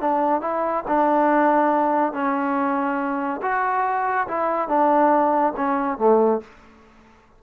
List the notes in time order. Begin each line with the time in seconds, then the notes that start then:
0.00 D4
0.41 E4
0.87 D4
2.13 C#4
3.42 F#4
4.27 E4
4.68 D4
5.56 C#4
5.98 A3